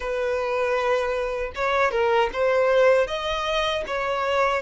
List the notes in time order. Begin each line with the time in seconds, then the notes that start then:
0.00 B4
1.55 C#5
1.91 A#4
2.33 C5
3.07 D#5
3.87 C#5